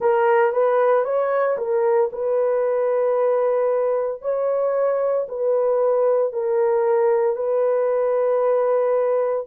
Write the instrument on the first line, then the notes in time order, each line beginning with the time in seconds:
horn
0.00 A#4
0.52 B4
1.04 C#5
1.57 A#4
2.12 B4
4.21 C#5
5.28 B4
6.33 A#4
7.35 B4